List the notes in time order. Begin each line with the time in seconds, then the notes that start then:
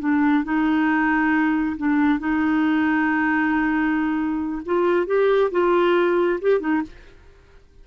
0.00 D4
0.45 D#4
1.78 D4
2.20 D#4
4.66 F4
5.07 G4
5.51 F4
6.42 G4
6.60 D#4